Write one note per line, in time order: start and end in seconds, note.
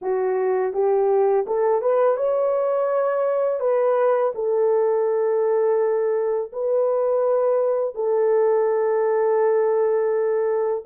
0.01 0.73 F#4
0.73 1.45 G4
1.46 1.81 A4
1.81 2.17 B4
2.17 3.60 C#5
3.60 4.32 B4
4.34 6.51 A4
6.52 7.95 B4
7.95 10.84 A4